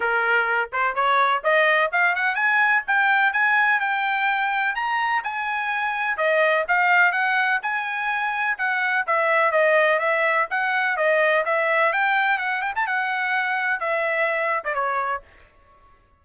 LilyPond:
\new Staff \with { instrumentName = "trumpet" } { \time 4/4 \tempo 4 = 126 ais'4. c''8 cis''4 dis''4 | f''8 fis''8 gis''4 g''4 gis''4 | g''2 ais''4 gis''4~ | gis''4 dis''4 f''4 fis''4 |
gis''2 fis''4 e''4 | dis''4 e''4 fis''4 dis''4 | e''4 g''4 fis''8 g''16 a''16 fis''4~ | fis''4 e''4.~ e''16 d''16 cis''4 | }